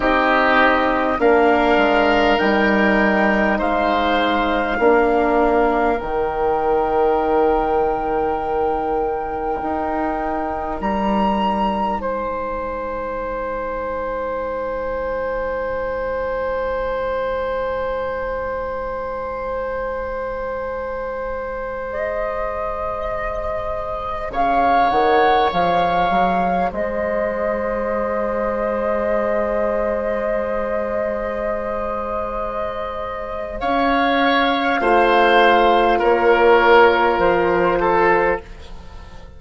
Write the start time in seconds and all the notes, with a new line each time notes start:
0.00 C4 D#4 G4 D#5
1.18 A#3 D4 A#4 F5
1.77 G#3
2.39 G3 D#4 G5
3.58 G#3 C5 F5
4.78 A#3 D4 A#4
5.99 D#3 D#4 G5
9.61 D#4
10.80 G3 A#5
12.00 G#3 C5 G#5
21.90 G#4 D#5
24.30 C#3 C#5 F5
24.89 D#3 F#5
25.52 F3 F5
26.09 F#3
26.71 G#3 C5 D#5
33.59 C#4 C#5 F5
34.80 A3 F4 C5
35.98 A#3 A#4 C#5
37.19 F3 C5
37.80 A4